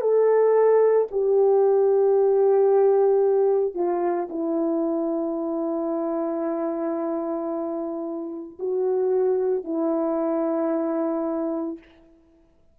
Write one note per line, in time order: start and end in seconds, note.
0.00 1.07 A4
1.11 3.74 G4
3.74 4.28 F4
4.29 8.58 E4
8.59 9.64 F#4
9.64 11.78 E4